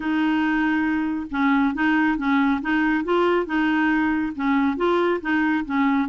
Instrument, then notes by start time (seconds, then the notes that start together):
clarinet
0.00 D#4
1.30 C#4
1.74 D#4
2.17 C#4
2.61 D#4
3.04 F4
3.45 D#4
4.35 C#4
4.76 F4
5.21 D#4
5.65 C#4